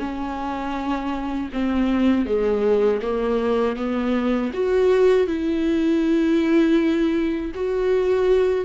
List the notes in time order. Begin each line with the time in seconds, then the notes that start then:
0.00 C#4
1.53 C4
2.26 G#3
3.02 A#3
3.77 B3
4.54 F#4
5.27 E4
7.55 F#4